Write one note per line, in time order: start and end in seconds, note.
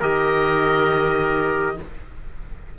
0.00 1.78 D#3
0.00 1.78 G4
0.00 1.76 A#4
0.00 1.78 D#5